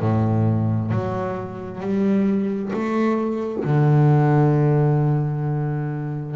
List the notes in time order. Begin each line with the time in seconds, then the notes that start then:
0.00 A2
0.90 F#3
1.81 G3
2.73 A3
3.64 D3